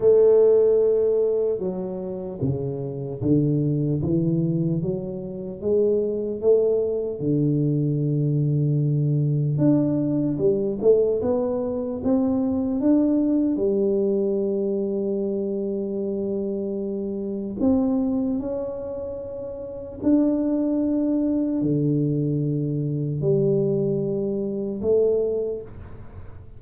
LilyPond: \new Staff \with { instrumentName = "tuba" } { \time 4/4 \tempo 4 = 75 a2 fis4 cis4 | d4 e4 fis4 gis4 | a4 d2. | d'4 g8 a8 b4 c'4 |
d'4 g2.~ | g2 c'4 cis'4~ | cis'4 d'2 d4~ | d4 g2 a4 | }